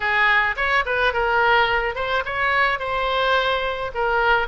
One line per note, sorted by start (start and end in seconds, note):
0.00 0.55 G#4
0.56 0.84 C#5
0.85 1.13 B4
1.13 1.95 A#4
1.95 2.23 C5
2.25 2.79 C#5
2.79 3.91 C5
3.94 4.47 A#4